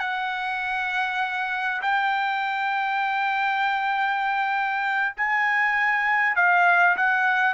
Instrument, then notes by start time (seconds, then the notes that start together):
trumpet
0.00 F#5
1.82 G5
5.17 G#5
6.36 F5
6.97 F#5